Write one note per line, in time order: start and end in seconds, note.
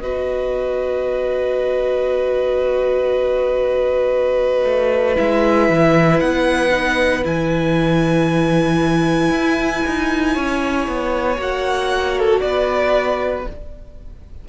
0.00 4.64 B3
0.00 5.15 F#4
0.00 10.34 B4
0.00 5.17 D#5
4.64 5.16 A3
5.15 5.69 G#3
5.15 6.70 E4
5.15 6.20 E5
5.69 6.21 E3
6.20 7.24 B3
6.20 7.23 F#5
6.71 7.23 D#4
7.23 9.30 E3
7.23 11.37 E4
7.23 11.40 G#5
9.30 9.82 E4
9.87 10.37 D#4
10.34 10.87 C#4
10.34 12.41 C#5
10.87 11.38 B3
11.38 12.41 A#3
11.38 13.45 F#4
11.38 12.19 F#5
12.19 12.40 A4
12.40 13.46 B3
12.40 13.48 B4
12.40 13.44 D5